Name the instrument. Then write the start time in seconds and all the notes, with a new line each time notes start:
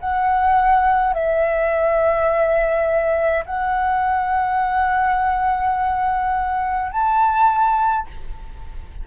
flute
0.00 F#5
1.14 E5
3.45 F#5
6.91 A5